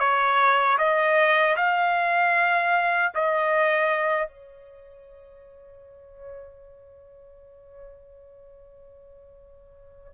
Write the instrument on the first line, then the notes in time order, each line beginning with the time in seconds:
trumpet
0.00 C#5
0.78 D#5
1.57 F5
3.15 D#5
4.28 C#5